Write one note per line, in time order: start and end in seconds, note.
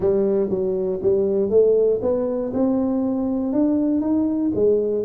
0.00 0.49 G3
0.49 0.99 F#3
1.02 1.49 G3
1.49 2.00 A3
2.02 2.52 B3
2.53 3.52 C4
3.52 4.01 D4
4.01 4.51 D#4
4.54 5.04 G#3